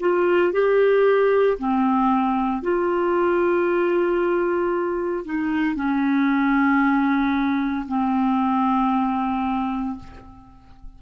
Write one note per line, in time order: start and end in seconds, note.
0.00 0.53 F4
0.53 1.58 G4
1.58 2.62 C4
2.62 5.25 F4
5.25 5.76 D#4
5.76 7.86 C#4
7.88 9.99 C4